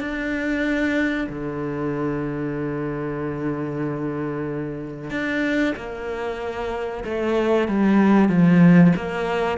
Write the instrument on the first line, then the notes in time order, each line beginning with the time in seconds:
cello
0.00 D4
1.29 D3
5.10 D4
5.76 A#3
7.04 A3
7.68 G3
8.29 F3
8.96 A#3